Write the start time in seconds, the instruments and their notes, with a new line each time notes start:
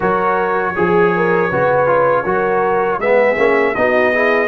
0.00 tuba F#3, trombone F#4, horn A#4, trumpet C#5
0.75 tuba F3, trombone G#4, horn G#4
1.15 horn A#4
1.49 tuba C#3, trombone F#4, horn B4
1.87 trombone F4
2.24 tuba F#3, trombone F#4, horn A#4
2.99 tuba G#3, trombone B3, horn G#4, trumpet E5
3.37 tuba A#3, trombone C#4
3.75 tuba B3, trombone D#4, horn F#4, trumpet D#5
4.13 trombone E4, horn G#4